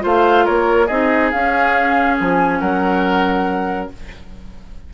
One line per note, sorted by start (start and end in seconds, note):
0.00 0.47 A3
0.00 0.86 F4
0.00 0.45 C5
0.00 0.46 F5
0.45 0.90 A#3
0.45 0.86 A#4
0.45 0.87 C#5
0.86 1.33 C4
0.86 1.33 D#4
0.86 2.59 G#4
0.86 1.30 D#5
1.31 2.20 C#4
1.31 3.93 C#4
1.31 2.17 F5
2.17 2.61 F3
2.17 2.59 G#5
2.59 3.91 F#3
2.59 3.90 A#4
2.59 3.89 F#5